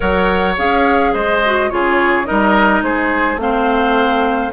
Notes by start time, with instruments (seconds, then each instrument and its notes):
0.00 bassoon F#3, clarinet A#4, oboe C#5, flute F#5
0.57 bassoon C#4, clarinet G#4, flute F5
1.13 bassoon G#3, oboe C5, flute D#5
1.45 clarinet F#4
1.69 bassoon C#3, clarinet F4, oboe G#4, flute C#5
2.25 bassoon G3, clarinet D#4, oboe A#4, flute D#5
2.81 bassoon G#3, oboe G#4, flute C5
3.36 bassoon A3, clarinet C4, flute F5
3.42 oboe C5